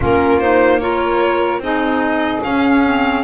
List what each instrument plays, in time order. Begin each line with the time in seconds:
0.00 double bass A#3, clarinet C#4, saxophone F4, violin A#4
0.39 clarinet D#4, violin C5
0.79 clarinet F4, saxophone A#4, violin C#5
1.58 double bass C4, clarinet D#4, saxophone G#4, violin D#5
2.43 clarinet C#4, double bass C#4, violin F5
2.84 clarinet C4